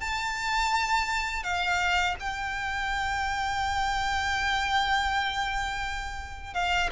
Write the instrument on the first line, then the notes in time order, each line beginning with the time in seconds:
violin
0.00 A5
1.43 F5
2.20 G5
6.54 F5